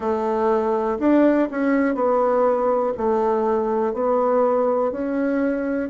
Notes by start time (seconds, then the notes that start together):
0.00 A3
0.99 D4
1.50 C#4
1.94 B3
2.97 A3
3.93 B3
4.91 C#4